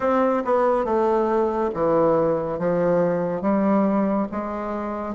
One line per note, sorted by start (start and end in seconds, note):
0.00 0.43 C4
0.44 0.84 B3
0.84 1.70 A3
1.74 2.59 E3
2.59 3.41 F3
3.41 4.27 G3
4.31 5.14 G#3